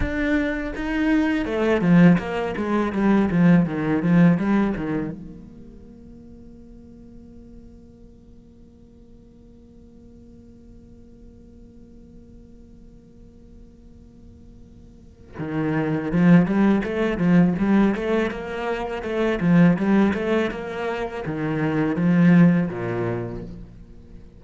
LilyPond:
\new Staff \with { instrumentName = "cello" } { \time 4/4 \tempo 4 = 82 d'4 dis'4 a8 f8 ais8 gis8 | g8 f8 dis8 f8 g8 dis8 ais4~ | ais1~ | ais1~ |
ais1~ | ais4 dis4 f8 g8 a8 f8 | g8 a8 ais4 a8 f8 g8 a8 | ais4 dis4 f4 ais,4 | }